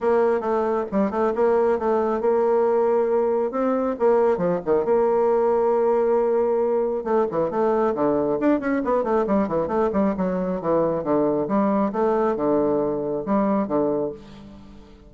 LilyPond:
\new Staff \with { instrumentName = "bassoon" } { \time 4/4 \tempo 4 = 136 ais4 a4 g8 a8 ais4 | a4 ais2. | c'4 ais4 f8 dis8 ais4~ | ais1 |
a8 e8 a4 d4 d'8 cis'8 | b8 a8 g8 e8 a8 g8 fis4 | e4 d4 g4 a4 | d2 g4 d4 | }